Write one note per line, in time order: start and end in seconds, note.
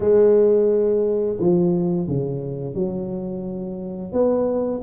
0.00 1.37 G#3
1.39 2.07 F3
2.07 2.74 C#3
2.74 4.12 F#3
4.12 4.81 B3